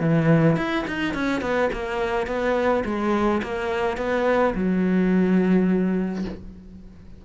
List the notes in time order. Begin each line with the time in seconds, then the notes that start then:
0.00 E3
0.56 E4
0.87 D#4
1.14 C#4
1.41 B3
1.73 A#3
2.27 B3
2.85 G#3
3.43 A#3
3.97 B3
4.55 F#3